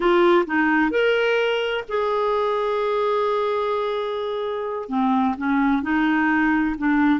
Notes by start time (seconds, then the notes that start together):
0.00 F4
0.46 D#4
0.90 A#4
1.88 G#4
4.88 C4
5.37 C#4
5.82 D#4
6.78 D4